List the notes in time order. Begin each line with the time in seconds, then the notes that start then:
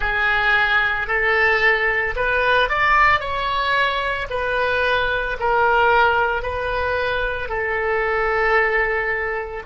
0.00 G#4
1.07 A4
2.16 B4
2.69 D5
3.19 C#5
4.30 B4
5.39 A#4
6.42 B4
7.48 A4